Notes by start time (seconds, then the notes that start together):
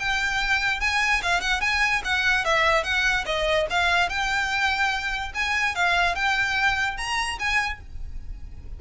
0.00 G5
0.81 G#5
1.23 F5
1.41 F#5
1.61 G#5
2.05 F#5
2.45 E5
2.84 F#5
3.26 D#5
3.71 F5
4.10 G5
5.35 G#5
5.76 F5
6.16 G5
6.98 A#5
7.40 G#5